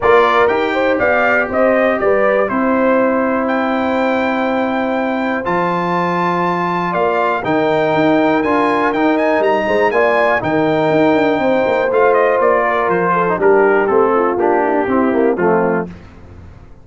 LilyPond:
<<
  \new Staff \with { instrumentName = "trumpet" } { \time 4/4 \tempo 4 = 121 d''4 g''4 f''4 dis''4 | d''4 c''2 g''4~ | g''2. a''4~ | a''2 f''4 g''4~ |
g''4 gis''4 g''8 gis''8 ais''4 | gis''4 g''2. | f''8 dis''8 d''4 c''4 ais'4 | a'4 g'2 f'4 | }
  \new Staff \with { instrumentName = "horn" } { \time 4/4 ais'4. c''8 d''4 c''4 | b'4 c''2.~ | c''1~ | c''2 d''4 ais'4~ |
ais'2.~ ais'8 c''8 | d''4 ais'2 c''4~ | c''4. ais'4 a'8 g'4~ | g'8 f'4 e'16 d'16 e'4 c'4 | }
  \new Staff \with { instrumentName = "trombone" } { \time 4/4 f'4 g'2.~ | g'4 e'2.~ | e'2. f'4~ | f'2. dis'4~ |
dis'4 f'4 dis'2 | f'4 dis'2. | f'2~ f'8. dis'16 d'4 | c'4 d'4 c'8 ais8 a4 | }
  \new Staff \with { instrumentName = "tuba" } { \time 4/4 ais4 dis'4 b4 c'4 | g4 c'2.~ | c'2. f4~ | f2 ais4 dis4 |
dis'4 d'4 dis'4 g8 gis8 | ais4 dis4 dis'8 d'8 c'8 ais8 | a4 ais4 f4 g4 | a4 ais4 c'4 f4 | }
>>